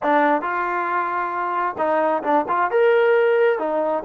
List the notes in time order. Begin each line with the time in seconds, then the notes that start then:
0.02 D4
0.41 F4
1.78 D#4
2.23 D4
2.48 F4
2.70 A#4
3.59 D#4